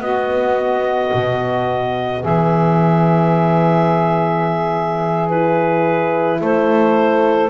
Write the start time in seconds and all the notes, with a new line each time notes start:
0.00 B3 F#4 D#5
1.13 B2
2.21 E3 G#4 E5
5.28 E4 B4
6.40 A3 A4 C5